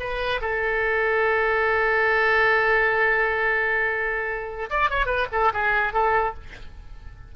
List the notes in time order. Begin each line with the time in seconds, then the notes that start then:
0.00 B4
0.41 A4
4.70 D5
4.91 C#5
5.06 B4
5.32 A4
5.53 G#4
5.93 A4